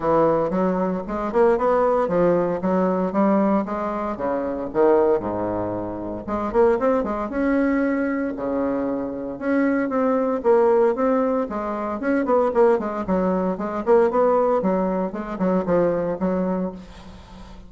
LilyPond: \new Staff \with { instrumentName = "bassoon" } { \time 4/4 \tempo 4 = 115 e4 fis4 gis8 ais8 b4 | f4 fis4 g4 gis4 | cis4 dis4 gis,2 | gis8 ais8 c'8 gis8 cis'2 |
cis2 cis'4 c'4 | ais4 c'4 gis4 cis'8 b8 | ais8 gis8 fis4 gis8 ais8 b4 | fis4 gis8 fis8 f4 fis4 | }